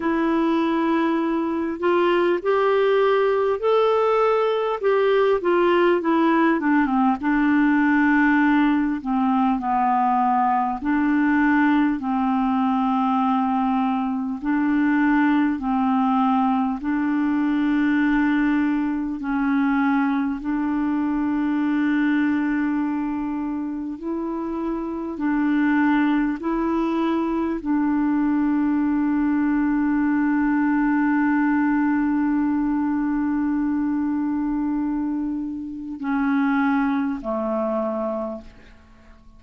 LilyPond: \new Staff \with { instrumentName = "clarinet" } { \time 4/4 \tempo 4 = 50 e'4. f'8 g'4 a'4 | g'8 f'8 e'8 d'16 c'16 d'4. c'8 | b4 d'4 c'2 | d'4 c'4 d'2 |
cis'4 d'2. | e'4 d'4 e'4 d'4~ | d'1~ | d'2 cis'4 a4 | }